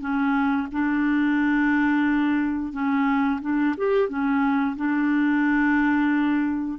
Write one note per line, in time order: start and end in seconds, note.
0.00 0.67 C#4
0.72 2.72 D4
2.72 3.40 C#4
3.41 3.75 D4
3.77 4.08 G4
4.08 4.76 C#4
4.76 6.78 D4